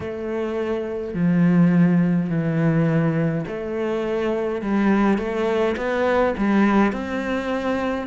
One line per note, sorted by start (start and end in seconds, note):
0.00 1.14 A3
1.14 2.29 F3
2.29 3.45 E3
3.47 4.61 A3
4.61 5.18 G3
5.18 5.75 A3
5.76 6.34 B3
6.37 6.92 G3
6.92 8.07 C4